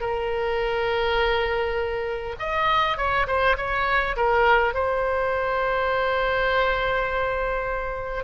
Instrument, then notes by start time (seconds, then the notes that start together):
oboe
0.00 A#4
2.39 D#5
2.97 C#5
3.27 C5
3.57 C#5
4.17 A#4
4.74 C5